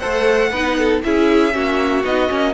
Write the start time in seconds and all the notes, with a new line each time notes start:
0.00 A3 A4 C5 F#5
0.51 B3 D#4 B4
0.78 A4
1.04 C#4 E4 G#4 E5
1.52 A#3 C#4 F#4
2.04 B3 D#4 D#5
2.29 A#3 C#4